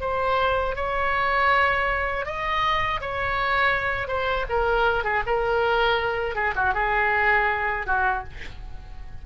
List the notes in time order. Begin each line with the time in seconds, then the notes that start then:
0.00 C5
0.75 C#5
2.25 D#5
3.00 C#5
4.07 C5
4.49 A#4
5.04 G#4
5.26 A#4
6.35 G#4
6.55 F#4
6.74 G#4
7.86 F#4